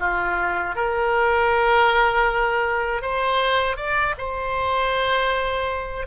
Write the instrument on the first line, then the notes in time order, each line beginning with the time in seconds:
oboe
0.00 F4
0.76 A#4
3.02 C5
3.77 D5
4.18 C5